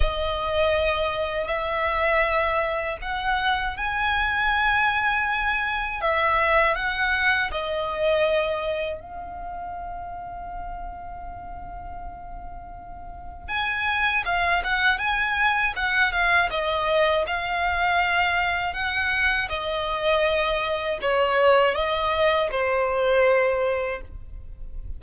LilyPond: \new Staff \with { instrumentName = "violin" } { \time 4/4 \tempo 4 = 80 dis''2 e''2 | fis''4 gis''2. | e''4 fis''4 dis''2 | f''1~ |
f''2 gis''4 f''8 fis''8 | gis''4 fis''8 f''8 dis''4 f''4~ | f''4 fis''4 dis''2 | cis''4 dis''4 c''2 | }